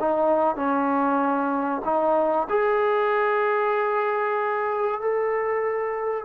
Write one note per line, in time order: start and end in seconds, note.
0.00 0.56 D#4
0.56 1.82 C#4
1.85 2.48 D#4
2.50 5.01 G#4
5.01 6.25 A4